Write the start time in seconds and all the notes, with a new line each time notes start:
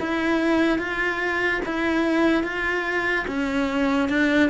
0.00 E4
0.78 F4
1.65 E4
2.43 F4
3.27 C#4
4.09 D4